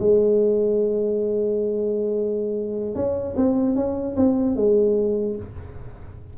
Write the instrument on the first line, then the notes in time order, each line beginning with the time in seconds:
tuba
0.00 G#3
2.96 C#4
3.37 C4
3.76 C#4
4.17 C4
4.56 G#3